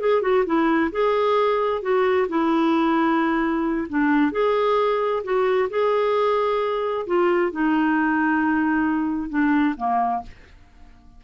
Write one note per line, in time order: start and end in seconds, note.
0.00 0.22 G#4
0.22 0.45 F#4
0.46 0.91 E4
0.92 1.82 G#4
1.82 2.27 F#4
2.29 3.88 E4
3.89 4.32 D4
4.32 5.23 G#4
5.24 5.69 F#4
5.70 7.06 G#4
7.06 7.52 F4
7.52 9.30 D#4
9.30 9.75 D4
9.77 10.23 A#3